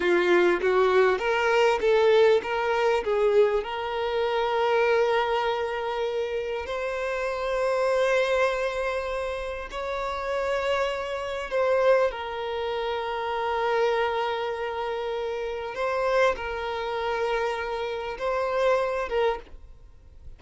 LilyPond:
\new Staff \with { instrumentName = "violin" } { \time 4/4 \tempo 4 = 99 f'4 fis'4 ais'4 a'4 | ais'4 gis'4 ais'2~ | ais'2. c''4~ | c''1 |
cis''2. c''4 | ais'1~ | ais'2 c''4 ais'4~ | ais'2 c''4. ais'8 | }